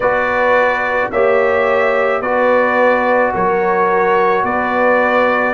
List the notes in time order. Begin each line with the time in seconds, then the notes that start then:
0.00 B3 F#4 B4 D5
1.11 A#3 G4 C#5 E5
2.21 B3 F#4 B4 D5
3.34 F#3 A#4 C#5
4.43 B3 B4 D5